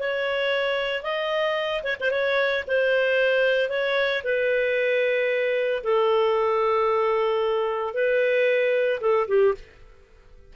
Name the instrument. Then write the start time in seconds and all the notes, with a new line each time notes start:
clarinet
0.00 C#5
1.04 D#5
1.84 C#5
2.01 C5
2.12 C#5
2.68 C5
3.70 C#5
4.24 B4
5.84 A4
7.94 B4
9.01 A4
9.28 G4